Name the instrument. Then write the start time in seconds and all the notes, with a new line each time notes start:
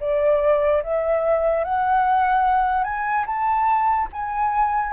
flute
0.00 D5
0.83 E5
1.64 F#5
2.84 G#5
3.26 A5
4.12 G#5